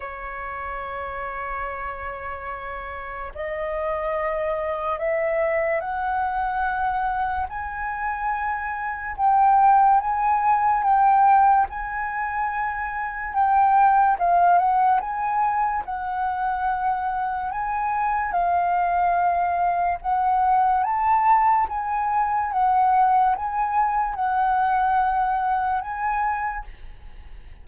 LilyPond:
\new Staff \with { instrumentName = "flute" } { \time 4/4 \tempo 4 = 72 cis''1 | dis''2 e''4 fis''4~ | fis''4 gis''2 g''4 | gis''4 g''4 gis''2 |
g''4 f''8 fis''8 gis''4 fis''4~ | fis''4 gis''4 f''2 | fis''4 a''4 gis''4 fis''4 | gis''4 fis''2 gis''4 | }